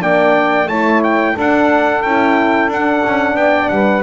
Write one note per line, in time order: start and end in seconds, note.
0.00 0.67 A#3
0.00 0.67 D4
0.00 0.68 D5
0.00 0.68 G5
0.67 1.34 A3
0.67 1.36 E4
0.67 1.33 C#5
0.67 1.02 A5
1.04 1.37 G5
1.33 2.03 D4
1.33 3.35 A4
1.39 2.04 D4
1.39 2.02 F#5
2.02 2.69 C#4
2.02 2.71 E4
2.02 2.70 G5
2.69 3.02 D4
2.69 4.04 D4
2.69 3.37 F#5
3.07 3.35 C#4
3.35 3.69 B3
3.35 3.72 D5
3.35 3.69 G5
3.69 4.04 G3
3.69 4.04 B4
3.69 4.03 F#5